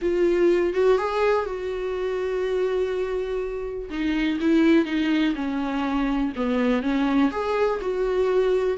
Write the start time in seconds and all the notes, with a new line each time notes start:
0.01 F4
0.73 F#4
0.98 G#4
1.45 F#4
3.89 D#4
4.40 E4
4.85 D#4
5.35 C#4
6.35 B3
6.82 C#4
7.31 G#4
7.81 F#4